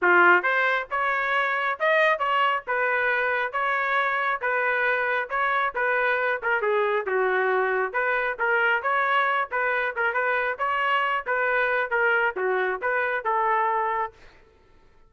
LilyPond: \new Staff \with { instrumentName = "trumpet" } { \time 4/4 \tempo 4 = 136 f'4 c''4 cis''2 | dis''4 cis''4 b'2 | cis''2 b'2 | cis''4 b'4. ais'8 gis'4 |
fis'2 b'4 ais'4 | cis''4. b'4 ais'8 b'4 | cis''4. b'4. ais'4 | fis'4 b'4 a'2 | }